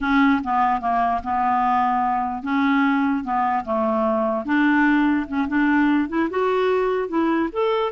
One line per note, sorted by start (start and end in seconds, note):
0.01 0.41 C#4
0.43 0.80 B3
0.80 1.21 A#3
1.23 2.43 B3
2.43 3.24 C#4
3.24 3.64 B3
3.64 4.45 A3
4.45 5.26 D4
5.27 5.47 C#4
5.48 6.08 D4
6.08 6.29 E4
6.29 7.08 F#4
7.08 7.49 E4
7.52 7.92 A4